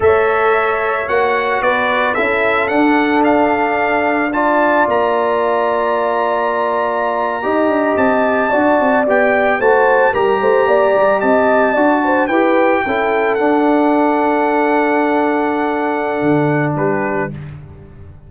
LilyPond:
<<
  \new Staff \with { instrumentName = "trumpet" } { \time 4/4 \tempo 4 = 111 e''2 fis''4 d''4 | e''4 fis''4 f''2 | a''4 ais''2.~ | ais''2~ ais''8. a''4~ a''16~ |
a''8. g''4 a''4 ais''4~ ais''16~ | ais''8. a''2 g''4~ g''16~ | g''8. fis''2.~ fis''16~ | fis''2. b'4 | }
  \new Staff \with { instrumentName = "horn" } { \time 4/4 cis''2. b'4 | a'1 | d''1~ | d''4.~ d''16 dis''2 d''16~ |
d''4.~ d''16 c''4 ais'8 c''8 d''16~ | d''8. dis''4 d''8 c''8 b'4 a'16~ | a'1~ | a'2. g'4 | }
  \new Staff \with { instrumentName = "trombone" } { \time 4/4 a'2 fis'2 | e'4 d'2. | f'1~ | f'4.~ f'16 g'2 fis'16~ |
fis'8. g'4 fis'4 g'4~ g'16~ | g'4.~ g'16 fis'4 g'4 e'16~ | e'8. d'2.~ d'16~ | d'1 | }
  \new Staff \with { instrumentName = "tuba" } { \time 4/4 a2 ais4 b4 | cis'4 d'2.~ | d'4 ais2.~ | ais4.~ ais16 dis'8 d'8 c'4 d'16~ |
d'16 c'8 b4 a4 g8 a8 ais16~ | ais16 g8 c'4 d'4 e'4 cis'16~ | cis'8. d'2.~ d'16~ | d'2 d4 g4 | }
>>